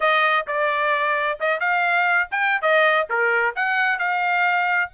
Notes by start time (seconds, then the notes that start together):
0.00 D#5
0.47 D5
1.39 D#5
1.60 F5
2.31 G5
2.61 D#5
3.09 A#4
3.55 F#5
3.98 F5